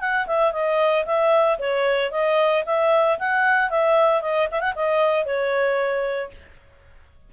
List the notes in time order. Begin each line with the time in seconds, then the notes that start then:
0.00 F#5
0.27 E5
0.52 D#5
1.06 E5
1.58 C#5
2.11 D#5
2.65 E5
3.19 F#5
3.70 E5
4.22 D#5
4.51 E5
4.60 F#5
4.75 D#5
5.25 C#5